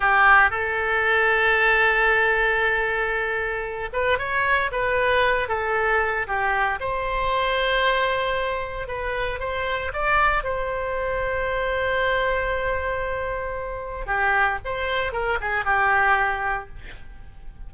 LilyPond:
\new Staff \with { instrumentName = "oboe" } { \time 4/4 \tempo 4 = 115 g'4 a'2.~ | a'2.~ a'8 b'8 | cis''4 b'4. a'4. | g'4 c''2.~ |
c''4 b'4 c''4 d''4 | c''1~ | c''2. g'4 | c''4 ais'8 gis'8 g'2 | }